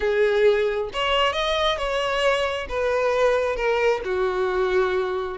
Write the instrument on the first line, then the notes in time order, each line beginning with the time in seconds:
violin
0.00 G#4
0.93 C#5
1.32 D#5
1.77 C#5
2.68 B4
3.56 A#4
4.04 F#4